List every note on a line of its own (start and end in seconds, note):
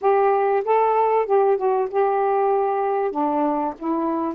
0.01 0.63 G4
0.64 1.26 A4
1.26 1.57 G4
1.57 1.88 F#4
1.90 3.11 G4
3.11 3.73 D4
3.78 4.34 E4